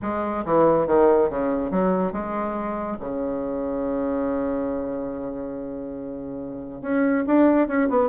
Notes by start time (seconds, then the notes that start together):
0.02 G#3
0.45 E3
0.86 D#3
1.29 C#3
1.70 F#3
2.12 G#3
2.99 C#3
6.81 C#4
7.26 D4
7.67 C#4
7.89 B3